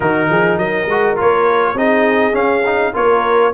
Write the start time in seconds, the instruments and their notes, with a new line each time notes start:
0.00 tuba D#3, trombone D#4, horn F#4, trumpet A#4
0.29 tuba F3, horn G#4
0.57 tuba F#3, horn A#4, trumpet D#5
0.85 tuba G#3, trombone F#4
1.16 tuba A#3, trombone F4, trumpet C#5
1.74 tuba C4, trombone D#4, horn G#4, trumpet D#5
2.32 trombone C#4, tuba C#4, trumpet F5
2.65 trombone D#4
2.93 tuba A#3, trombone F4, horn A#4, trumpet C#5